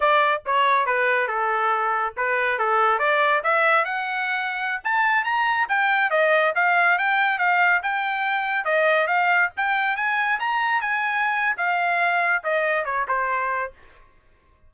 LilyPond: \new Staff \with { instrumentName = "trumpet" } { \time 4/4 \tempo 4 = 140 d''4 cis''4 b'4 a'4~ | a'4 b'4 a'4 d''4 | e''4 fis''2~ fis''16 a''8.~ | a''16 ais''4 g''4 dis''4 f''8.~ |
f''16 g''4 f''4 g''4.~ g''16~ | g''16 dis''4 f''4 g''4 gis''8.~ | gis''16 ais''4 gis''4.~ gis''16 f''4~ | f''4 dis''4 cis''8 c''4. | }